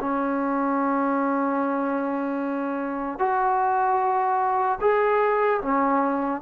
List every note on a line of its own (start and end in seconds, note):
0.00 3.19 C#4
3.19 4.79 F#4
4.81 5.61 G#4
5.62 6.41 C#4